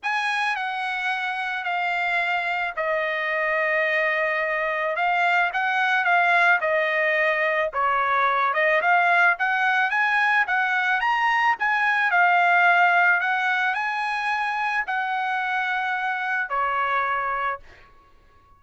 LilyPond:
\new Staff \with { instrumentName = "trumpet" } { \time 4/4 \tempo 4 = 109 gis''4 fis''2 f''4~ | f''4 dis''2.~ | dis''4 f''4 fis''4 f''4 | dis''2 cis''4. dis''8 |
f''4 fis''4 gis''4 fis''4 | ais''4 gis''4 f''2 | fis''4 gis''2 fis''4~ | fis''2 cis''2 | }